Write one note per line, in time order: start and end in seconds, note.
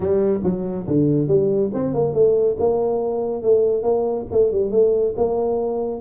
0.00 0.40 G3
0.43 0.86 F#3
0.87 1.27 D3
1.27 1.70 G3
1.73 1.94 C4
1.94 2.13 A#3
2.13 2.56 A3
2.59 3.42 A#3
3.42 3.83 A3
3.83 4.25 A#3
4.31 4.51 A3
4.51 4.71 G3
4.71 5.14 A3
5.16 6.01 A#3